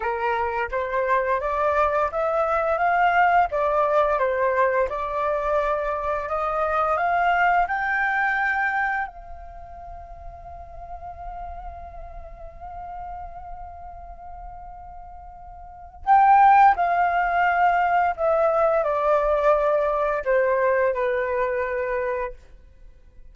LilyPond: \new Staff \with { instrumentName = "flute" } { \time 4/4 \tempo 4 = 86 ais'4 c''4 d''4 e''4 | f''4 d''4 c''4 d''4~ | d''4 dis''4 f''4 g''4~ | g''4 f''2.~ |
f''1~ | f''2. g''4 | f''2 e''4 d''4~ | d''4 c''4 b'2 | }